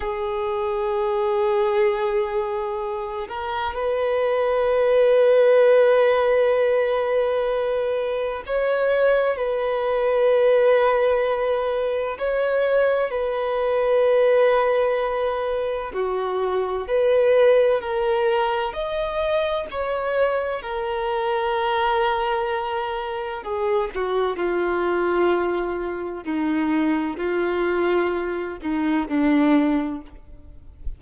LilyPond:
\new Staff \with { instrumentName = "violin" } { \time 4/4 \tempo 4 = 64 gis'2.~ gis'8 ais'8 | b'1~ | b'4 cis''4 b'2~ | b'4 cis''4 b'2~ |
b'4 fis'4 b'4 ais'4 | dis''4 cis''4 ais'2~ | ais'4 gis'8 fis'8 f'2 | dis'4 f'4. dis'8 d'4 | }